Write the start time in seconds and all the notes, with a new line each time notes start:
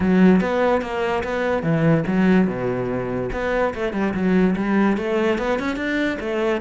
0.00 F#3
0.40 B3
0.81 A#3
1.23 B3
1.62 E3
2.07 F#3
2.47 B2
3.32 B3
3.74 A3
3.93 G3
4.14 F#3
4.55 G3
4.97 A3
5.38 B3
5.59 C#4
5.76 D4
6.20 A3